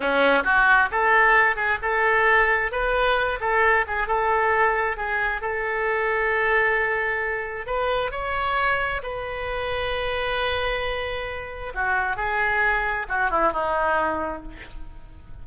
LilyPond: \new Staff \with { instrumentName = "oboe" } { \time 4/4 \tempo 4 = 133 cis'4 fis'4 a'4. gis'8 | a'2 b'4. a'8~ | a'8 gis'8 a'2 gis'4 | a'1~ |
a'4 b'4 cis''2 | b'1~ | b'2 fis'4 gis'4~ | gis'4 fis'8 e'8 dis'2 | }